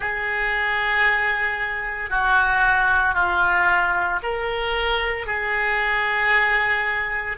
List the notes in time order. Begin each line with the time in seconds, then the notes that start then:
0.00 G#4
2.10 F#4
3.14 F4
4.22 A#4
5.26 G#4